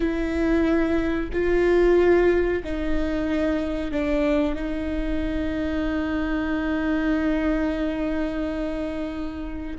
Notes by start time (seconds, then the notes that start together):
0.00 E4
1.33 F4
2.64 D#4
3.91 D4
4.55 D#4